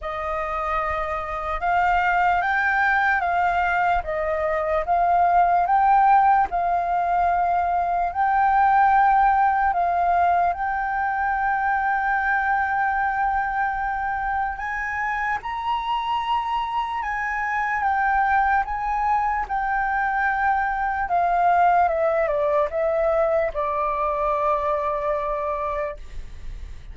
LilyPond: \new Staff \with { instrumentName = "flute" } { \time 4/4 \tempo 4 = 74 dis''2 f''4 g''4 | f''4 dis''4 f''4 g''4 | f''2 g''2 | f''4 g''2.~ |
g''2 gis''4 ais''4~ | ais''4 gis''4 g''4 gis''4 | g''2 f''4 e''8 d''8 | e''4 d''2. | }